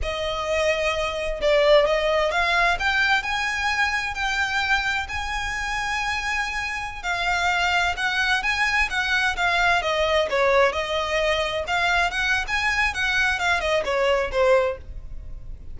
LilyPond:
\new Staff \with { instrumentName = "violin" } { \time 4/4 \tempo 4 = 130 dis''2. d''4 | dis''4 f''4 g''4 gis''4~ | gis''4 g''2 gis''4~ | gis''2.~ gis''16 f''8.~ |
f''4~ f''16 fis''4 gis''4 fis''8.~ | fis''16 f''4 dis''4 cis''4 dis''8.~ | dis''4~ dis''16 f''4 fis''8. gis''4 | fis''4 f''8 dis''8 cis''4 c''4 | }